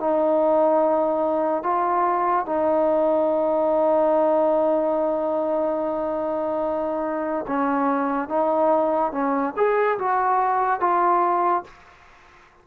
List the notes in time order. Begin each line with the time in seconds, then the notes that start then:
0.00 D#4
1.64 F4
2.46 D#4
7.48 C#4
8.29 D#4
9.12 C#4
9.57 G#4
9.99 F#4
10.81 F4